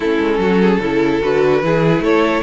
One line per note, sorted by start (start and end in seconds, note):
0.00 0.18 A3
0.00 0.82 C#4
0.00 0.39 E4
0.00 1.21 A4
0.20 0.38 G#3
0.38 0.79 F#3
0.38 0.60 F#4
0.60 0.80 G#4
0.80 1.20 C#3
0.80 1.22 E4
0.80 1.61 A4
1.22 1.62 D3
1.22 1.62 F#4
1.22 2.03 B4
1.62 2.00 E3
1.62 2.42 E4
1.62 2.04 G#4
2.00 2.40 A3
2.00 2.42 A4
2.00 2.42 C#5